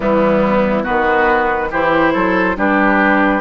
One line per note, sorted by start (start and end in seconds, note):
0.00 0.85 E3
0.00 0.84 G3
0.00 0.83 B3
0.00 0.84 E4
0.83 1.72 D#3
0.83 1.69 B3
0.83 1.69 F#4
0.83 1.70 B4
1.70 2.14 E3
1.70 2.56 E4
1.70 2.13 G4
1.70 2.57 C5
2.13 2.56 F#3
2.13 2.56 A4
2.56 3.41 G3
2.56 3.41 D4
2.56 3.41 G4
2.56 3.41 B4